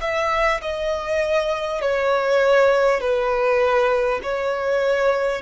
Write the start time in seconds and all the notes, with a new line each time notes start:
0.00 E5
0.61 D#5
1.81 C#5
3.00 B4
4.23 C#5